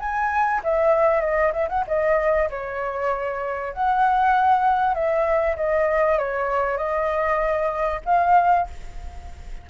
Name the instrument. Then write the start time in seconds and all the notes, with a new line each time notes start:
flute
0.00 G#5
0.64 E5
1.21 D#5
1.53 E5
1.69 F#5
1.88 D#5
2.51 C#5
3.74 F#5
4.95 E5
5.57 D#5
6.19 C#5
6.78 D#5
8.06 F5